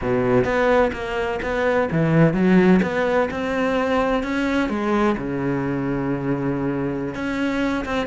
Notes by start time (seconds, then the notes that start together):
0.01 B2
0.44 B3
0.92 A#3
1.42 B3
1.91 E3
2.33 F#3
2.82 B3
3.30 C4
4.23 C#4
4.69 G#3
5.17 C#3
7.14 C#4
7.85 C4